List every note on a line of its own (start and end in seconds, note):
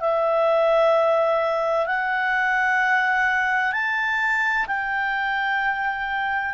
0.00 1.86 E5
1.86 3.72 F#5
3.72 4.66 A5
4.67 6.54 G5